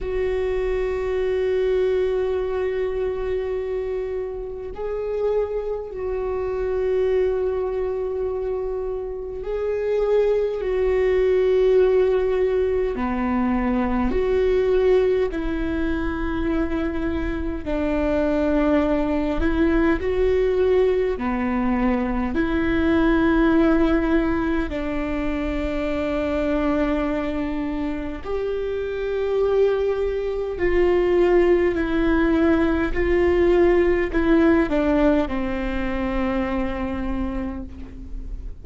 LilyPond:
\new Staff \with { instrumentName = "viola" } { \time 4/4 \tempo 4 = 51 fis'1 | gis'4 fis'2. | gis'4 fis'2 b4 | fis'4 e'2 d'4~ |
d'8 e'8 fis'4 b4 e'4~ | e'4 d'2. | g'2 f'4 e'4 | f'4 e'8 d'8 c'2 | }